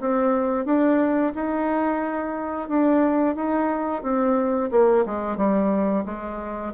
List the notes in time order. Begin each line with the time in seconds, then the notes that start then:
0.00 C4
0.65 D4
1.35 D#4
2.69 D4
3.36 D#4
4.02 C4
4.71 A#3
5.06 G#3
5.37 G3
6.05 G#3